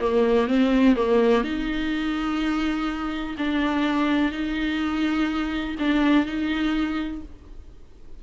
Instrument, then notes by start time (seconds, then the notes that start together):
viola
0.00 A#3
0.47 C4
0.96 A#3
1.44 D#4
3.38 D4
4.32 D#4
5.79 D4
6.26 D#4